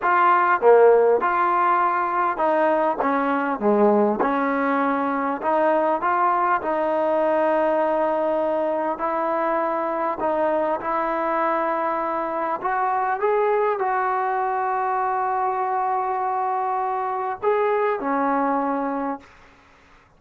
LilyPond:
\new Staff \with { instrumentName = "trombone" } { \time 4/4 \tempo 4 = 100 f'4 ais4 f'2 | dis'4 cis'4 gis4 cis'4~ | cis'4 dis'4 f'4 dis'4~ | dis'2. e'4~ |
e'4 dis'4 e'2~ | e'4 fis'4 gis'4 fis'4~ | fis'1~ | fis'4 gis'4 cis'2 | }